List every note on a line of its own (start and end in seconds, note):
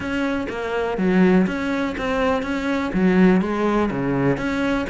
0.00 0.47 C#4
0.49 0.97 A#3
0.97 1.46 F#3
1.46 1.95 C#4
1.97 2.42 C4
2.42 2.91 C#4
2.93 3.41 F#3
3.41 3.90 G#3
3.90 4.37 C#3
4.37 4.86 C#4